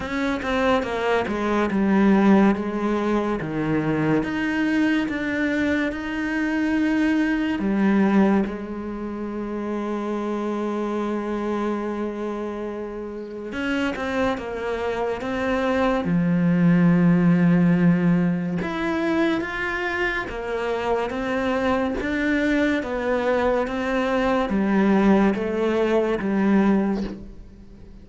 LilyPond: \new Staff \with { instrumentName = "cello" } { \time 4/4 \tempo 4 = 71 cis'8 c'8 ais8 gis8 g4 gis4 | dis4 dis'4 d'4 dis'4~ | dis'4 g4 gis2~ | gis1 |
cis'8 c'8 ais4 c'4 f4~ | f2 e'4 f'4 | ais4 c'4 d'4 b4 | c'4 g4 a4 g4 | }